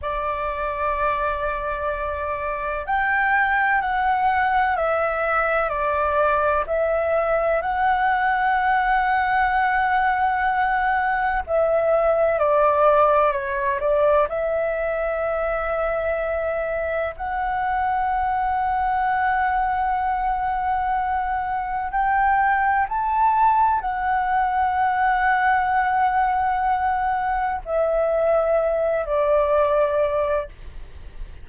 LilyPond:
\new Staff \with { instrumentName = "flute" } { \time 4/4 \tempo 4 = 63 d''2. g''4 | fis''4 e''4 d''4 e''4 | fis''1 | e''4 d''4 cis''8 d''8 e''4~ |
e''2 fis''2~ | fis''2. g''4 | a''4 fis''2.~ | fis''4 e''4. d''4. | }